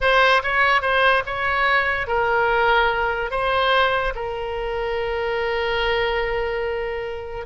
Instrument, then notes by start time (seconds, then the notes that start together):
oboe
0.00 C5
0.42 C#5
0.81 C5
1.25 C#5
2.07 A#4
3.30 C5
4.15 A#4